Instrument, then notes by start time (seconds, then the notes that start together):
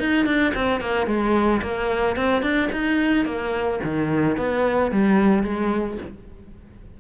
cello
0.00 D#4
0.26 D4
0.55 C4
0.81 A#3
1.07 G#3
1.62 A#3
2.17 C4
2.43 D4
2.72 D#4
3.26 A#3
3.84 D#3
4.38 B3
4.92 G3
5.43 G#3